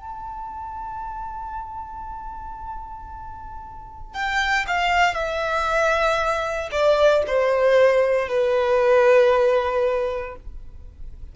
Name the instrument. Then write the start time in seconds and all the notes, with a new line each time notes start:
violin
0.00 A5
4.14 G5
4.68 F5
5.14 E5
6.72 D5
7.27 C5
8.29 B4